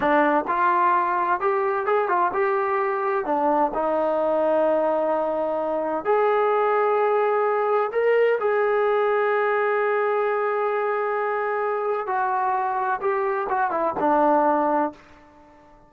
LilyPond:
\new Staff \with { instrumentName = "trombone" } { \time 4/4 \tempo 4 = 129 d'4 f'2 g'4 | gis'8 f'8 g'2 d'4 | dis'1~ | dis'4 gis'2.~ |
gis'4 ais'4 gis'2~ | gis'1~ | gis'2 fis'2 | g'4 fis'8 e'8 d'2 | }